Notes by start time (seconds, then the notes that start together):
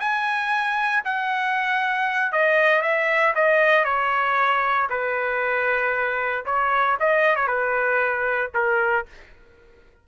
0.00 G#5
1.05 F#5
2.32 D#5
2.82 E5
3.35 D#5
3.85 C#5
4.90 B4
6.46 C#5
7.00 D#5
7.36 C#5
7.48 B4
8.54 A#4